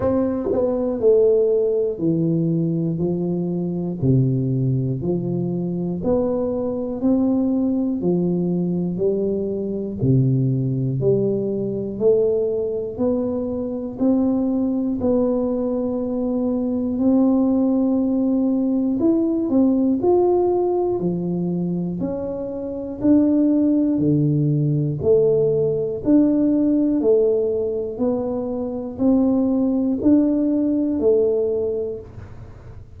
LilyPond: \new Staff \with { instrumentName = "tuba" } { \time 4/4 \tempo 4 = 60 c'8 b8 a4 e4 f4 | c4 f4 b4 c'4 | f4 g4 c4 g4 | a4 b4 c'4 b4~ |
b4 c'2 e'8 c'8 | f'4 f4 cis'4 d'4 | d4 a4 d'4 a4 | b4 c'4 d'4 a4 | }